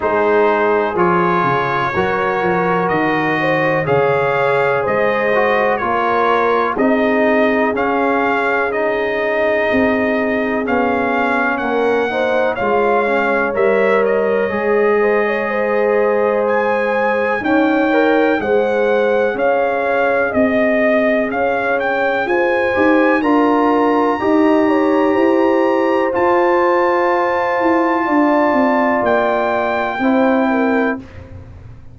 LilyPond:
<<
  \new Staff \with { instrumentName = "trumpet" } { \time 4/4 \tempo 4 = 62 c''4 cis''2 dis''4 | f''4 dis''4 cis''4 dis''4 | f''4 dis''2 f''4 | fis''4 f''4 e''8 dis''4.~ |
dis''4 gis''4 g''4 fis''4 | f''4 dis''4 f''8 g''8 gis''4 | ais''2. a''4~ | a''2 g''2 | }
  \new Staff \with { instrumentName = "horn" } { \time 4/4 gis'2 ais'4. c''8 | cis''4 c''4 ais'4 gis'4~ | gis'1 | ais'8 c''8 cis''2~ cis''8 c''16 cis''16 |
c''2 cis''4 c''4 | cis''4 dis''4 cis''4 c''4 | ais'4 dis''8 cis''8 c''2~ | c''4 d''2 c''8 ais'8 | }
  \new Staff \with { instrumentName = "trombone" } { \time 4/4 dis'4 f'4 fis'2 | gis'4. fis'8 f'4 dis'4 | cis'4 dis'2 cis'4~ | cis'8 dis'8 f'8 cis'8 ais'4 gis'4~ |
gis'2 cis'8 ais'8 gis'4~ | gis'2.~ gis'8 g'8 | f'4 g'2 f'4~ | f'2. e'4 | }
  \new Staff \with { instrumentName = "tuba" } { \time 4/4 gis4 f8 cis8 fis8 f8 dis4 | cis4 gis4 ais4 c'4 | cis'2 c'4 b4 | ais4 gis4 g4 gis4~ |
gis2 dis'4 gis4 | cis'4 c'4 cis'4 f'8 dis'8 | d'4 dis'4 e'4 f'4~ | f'8 e'8 d'8 c'8 ais4 c'4 | }
>>